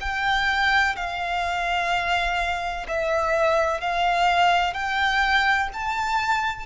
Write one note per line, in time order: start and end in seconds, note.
0.00 0.95 G5
0.96 2.86 F5
2.88 3.81 E5
3.81 4.73 F5
4.73 5.68 G5
5.73 6.66 A5